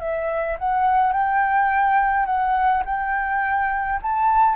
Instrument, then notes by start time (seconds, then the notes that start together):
flute
0.00 E5
0.59 F#5
1.13 G5
2.26 F#5
2.86 G5
4.03 A5